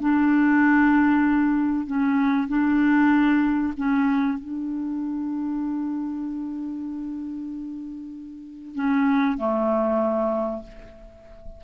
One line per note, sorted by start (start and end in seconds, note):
0.00 1.86 D4
1.86 2.48 C#4
2.48 3.73 D4
3.77 4.38 C#4
4.38 8.75 D4
8.75 9.37 C#4
9.37 10.62 A3